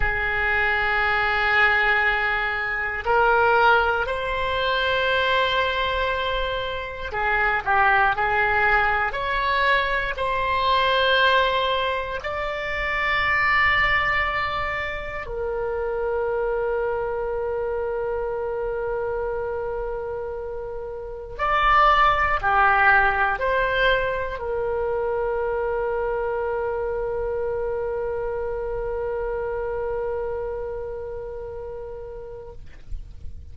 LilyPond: \new Staff \with { instrumentName = "oboe" } { \time 4/4 \tempo 4 = 59 gis'2. ais'4 | c''2. gis'8 g'8 | gis'4 cis''4 c''2 | d''2. ais'4~ |
ais'1~ | ais'4 d''4 g'4 c''4 | ais'1~ | ais'1 | }